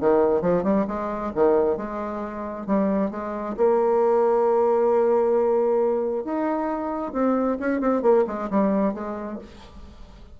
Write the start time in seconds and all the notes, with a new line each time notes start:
0.00 D#3
0.41 F3
0.63 G3
0.87 G#3
1.35 D#3
1.77 G#3
2.66 G3
3.10 G#3
3.57 A#3
6.24 D#4
7.12 C4
7.60 C#4
7.80 C4
8.02 A#3
8.27 G#3
8.50 G3
8.94 G#3